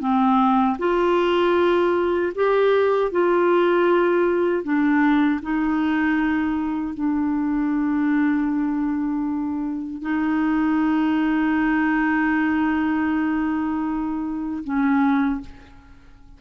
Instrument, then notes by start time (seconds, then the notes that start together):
clarinet
0.00 C4
0.79 F4
2.35 G4
3.11 F4
4.63 D4
5.42 D#4
6.94 D4
10.02 D#4
14.64 C#4